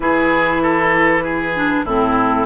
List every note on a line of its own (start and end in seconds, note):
0.00 1.81 E3
0.00 1.53 E4
0.00 0.62 G#4
0.00 1.85 B4
0.62 1.23 A4
1.23 1.85 G#4
1.55 1.86 D4
1.84 2.45 A2
1.84 2.45 C4
1.84 2.45 E4
1.84 2.45 A4